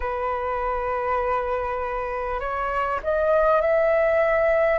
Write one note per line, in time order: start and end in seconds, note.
0.00 2.40 B4
2.40 3.00 C#5
3.03 3.61 D#5
3.61 4.78 E5